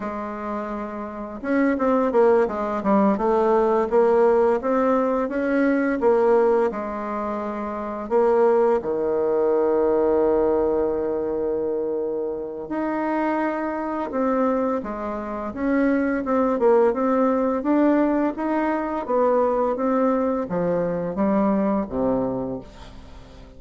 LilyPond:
\new Staff \with { instrumentName = "bassoon" } { \time 4/4 \tempo 4 = 85 gis2 cis'8 c'8 ais8 gis8 | g8 a4 ais4 c'4 cis'8~ | cis'8 ais4 gis2 ais8~ | ais8 dis2.~ dis8~ |
dis2 dis'2 | c'4 gis4 cis'4 c'8 ais8 | c'4 d'4 dis'4 b4 | c'4 f4 g4 c4 | }